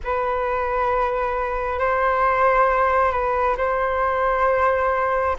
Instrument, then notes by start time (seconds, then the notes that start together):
flute
0.04 B4
1.79 C5
3.11 B4
3.57 C5